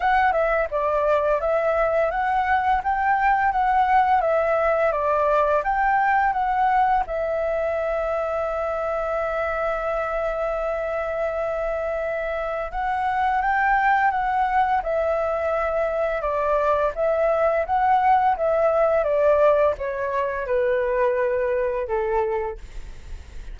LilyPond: \new Staff \with { instrumentName = "flute" } { \time 4/4 \tempo 4 = 85 fis''8 e''8 d''4 e''4 fis''4 | g''4 fis''4 e''4 d''4 | g''4 fis''4 e''2~ | e''1~ |
e''2 fis''4 g''4 | fis''4 e''2 d''4 | e''4 fis''4 e''4 d''4 | cis''4 b'2 a'4 | }